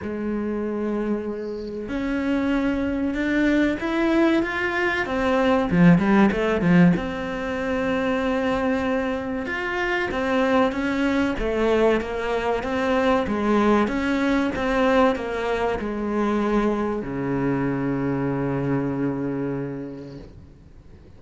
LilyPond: \new Staff \with { instrumentName = "cello" } { \time 4/4 \tempo 4 = 95 gis2. cis'4~ | cis'4 d'4 e'4 f'4 | c'4 f8 g8 a8 f8 c'4~ | c'2. f'4 |
c'4 cis'4 a4 ais4 | c'4 gis4 cis'4 c'4 | ais4 gis2 cis4~ | cis1 | }